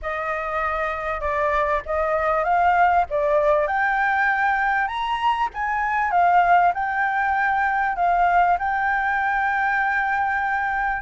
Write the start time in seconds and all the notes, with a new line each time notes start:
0.02 D#5
1.20 D5
1.85 D#5
2.44 F5
3.09 D5
3.67 G5
4.87 A#5
5.54 G#5
6.11 F5
6.73 G5
7.96 F5
8.59 G5